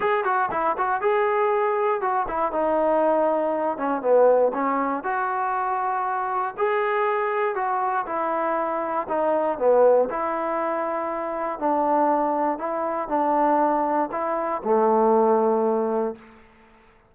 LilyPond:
\new Staff \with { instrumentName = "trombone" } { \time 4/4 \tempo 4 = 119 gis'8 fis'8 e'8 fis'8 gis'2 | fis'8 e'8 dis'2~ dis'8 cis'8 | b4 cis'4 fis'2~ | fis'4 gis'2 fis'4 |
e'2 dis'4 b4 | e'2. d'4~ | d'4 e'4 d'2 | e'4 a2. | }